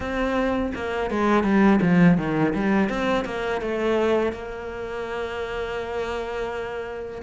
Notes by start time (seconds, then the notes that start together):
0.00 C4
0.74 A#3
1.10 G#3
1.43 G3
1.81 F3
2.17 D#3
2.54 G3
2.89 C4
3.25 A#3
3.61 A3
4.32 A#3